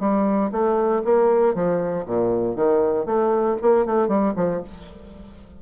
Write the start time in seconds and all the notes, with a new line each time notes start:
0.00 G3
0.52 A3
1.05 A#3
1.55 F3
2.06 A#2
2.56 D#3
3.06 A3
3.62 A#3
3.86 A3
4.08 G3
4.36 F3